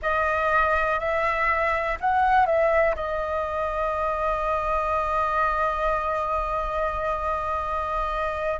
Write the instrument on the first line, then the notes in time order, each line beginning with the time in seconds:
flute
0.01 D#5
0.99 E5
2.00 F#5
2.46 E5
2.95 D#5